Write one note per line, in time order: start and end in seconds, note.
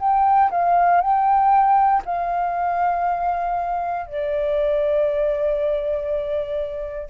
0.00 0.51 G5
0.51 1.01 F5
1.01 2.03 G5
2.06 4.07 F5
4.07 7.10 D5